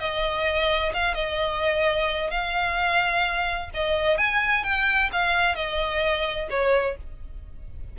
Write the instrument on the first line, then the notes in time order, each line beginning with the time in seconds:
violin
0.00 D#5
0.94 F5
1.15 D#5
2.31 F5
3.75 D#5
4.18 G#5
4.64 G5
5.13 F5
5.56 D#5
6.51 C#5